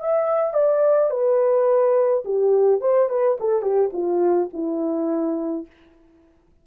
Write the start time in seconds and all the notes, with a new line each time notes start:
0.00 E5
0.54 D5
1.11 B4
2.25 G4
2.81 C5
3.09 B4
3.40 A4
3.62 G4
3.93 F4
4.53 E4